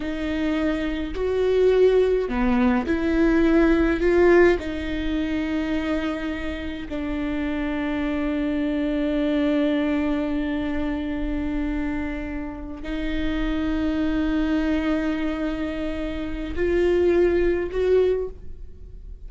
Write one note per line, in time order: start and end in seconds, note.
0.00 1.14 D#4
1.14 2.29 F#4
2.29 2.86 B3
2.86 4.00 E4
4.00 4.57 F4
4.59 6.88 D#4
6.88 12.83 D4
12.83 16.54 D#4
16.55 17.70 F4
17.71 18.28 F#4